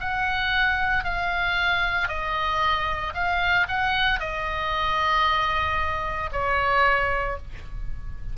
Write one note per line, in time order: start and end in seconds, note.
0.00 1.04 F#5
1.04 2.08 F5
2.08 3.13 D#5
3.14 3.67 F5
3.68 4.20 F#5
4.20 6.31 D#5
6.33 7.38 C#5